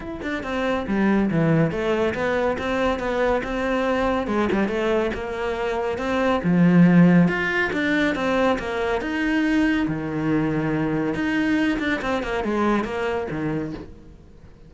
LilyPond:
\new Staff \with { instrumentName = "cello" } { \time 4/4 \tempo 4 = 140 e'8 d'8 c'4 g4 e4 | a4 b4 c'4 b4 | c'2 gis8 g8 a4 | ais2 c'4 f4~ |
f4 f'4 d'4 c'4 | ais4 dis'2 dis4~ | dis2 dis'4. d'8 | c'8 ais8 gis4 ais4 dis4 | }